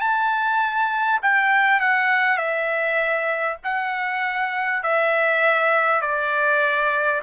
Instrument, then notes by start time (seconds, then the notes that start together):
trumpet
0.00 A5
1.22 G5
1.80 F#5
2.37 E5
3.64 F#5
4.83 E5
6.01 D5